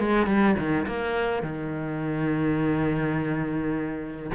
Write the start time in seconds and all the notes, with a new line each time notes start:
0.00 G#3
0.27 G3
0.59 D#3
0.87 A#3
1.43 D#3